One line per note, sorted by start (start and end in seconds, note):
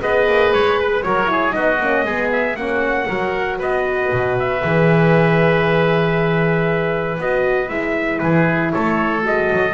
0.00 0.27 B3
0.00 1.03 G#4
0.00 1.05 B4
0.00 0.53 D#5
0.27 0.53 A#3
0.53 1.05 G#3
0.53 0.79 C#5
0.80 1.03 B4
1.03 1.55 F#3
1.03 1.27 F#4
1.03 1.31 A#4
1.03 1.52 C#5
1.27 1.51 E4
1.27 1.55 G#4
1.51 1.80 B3
1.51 1.77 D#4
1.51 2.05 F#4
1.51 2.29 D#5
1.80 2.05 A#3
1.80 2.07 C#4
2.05 2.56 G#3
2.05 2.56 B3
2.05 2.57 G#4
2.32 2.56 E5
2.56 3.07 A#3
2.56 3.08 C#4
2.56 3.08 F#4
2.56 3.59 F#5
3.08 3.60 F#3
3.08 4.62 F#4
3.08 3.58 A#4
3.58 4.12 B3
3.58 8.20 B4
3.58 4.39 D#5
4.12 4.63 B2
4.39 7.21 E5
4.62 7.18 E3
4.62 7.19 G#4
7.18 7.70 B3
7.18 7.68 F#4
7.18 7.69 D#5
7.68 8.21 G#3
7.68 9.21 E4
7.68 8.19 E5
8.19 8.73 E3
8.19 8.73 G#4
8.19 8.70 B4
8.72 9.25 A3
8.72 9.73 A4
8.72 9.24 C#5
9.21 9.51 G#3
9.21 9.73 F#4
9.21 9.73 D#5
9.52 9.73 F#3